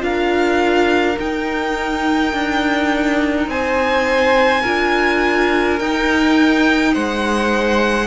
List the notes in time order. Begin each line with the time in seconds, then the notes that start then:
0.00 D4 F4 A#4 F5
1.19 D#4 G5
2.33 D4
3.48 C4 C5 G#5
4.62 D4 F4 A#4
5.80 D#4 G5
6.94 G#3 C5 F#5